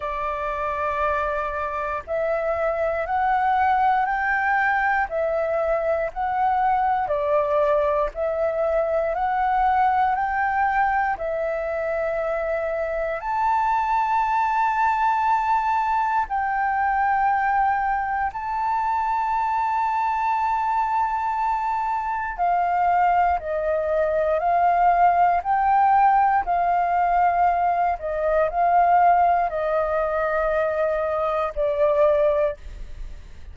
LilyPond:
\new Staff \with { instrumentName = "flute" } { \time 4/4 \tempo 4 = 59 d''2 e''4 fis''4 | g''4 e''4 fis''4 d''4 | e''4 fis''4 g''4 e''4~ | e''4 a''2. |
g''2 a''2~ | a''2 f''4 dis''4 | f''4 g''4 f''4. dis''8 | f''4 dis''2 d''4 | }